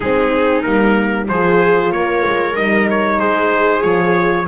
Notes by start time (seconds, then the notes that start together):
0.00 G#3 C4 D#4 G#4
0.62 G3 A#3 A#4
1.28 F3 F4 G#4 C5
1.91 A#3 A#4 C#5
2.26 G#3
2.54 G3 D#4 D#5
2.90 C#5
3.18 G#3 G#4 C5
3.81 F3 F4 C#5